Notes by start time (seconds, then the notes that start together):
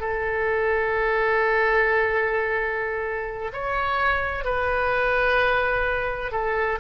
0.00 A4
3.53 C#5
4.44 B4
6.32 A4